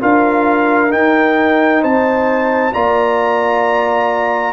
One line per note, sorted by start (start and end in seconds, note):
0.00 0.93 D4
0.00 0.90 F4
0.00 1.81 A#4
0.00 0.92 F5
0.90 2.72 D#4
0.90 1.84 D#4
0.90 1.83 G5
1.81 2.75 C4
1.81 2.72 C5
1.81 2.74 A5
2.74 4.53 A#3
2.74 4.53 F4
2.74 4.53 D5
2.74 4.53 A#5